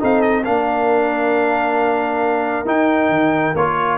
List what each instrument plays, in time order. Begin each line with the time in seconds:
0.00 tuba C4, trombone D#4, horn A4, trumpet F5
0.22 trumpet D#5
0.45 tuba A#3, trombone D4, horn A#4, trumpet F5
2.66 tuba D#4, trombone D#4, trumpet G5
3.10 tuba D#3
3.55 tuba A#3, trombone F4, trumpet C#5